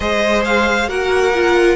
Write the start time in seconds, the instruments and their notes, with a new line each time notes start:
0.00 cello G#3, viola G#4, violin C5 D#5
0.44 violin F5
0.88 cello A#3, viola F#4, violin A#4 F#5
1.34 viola F4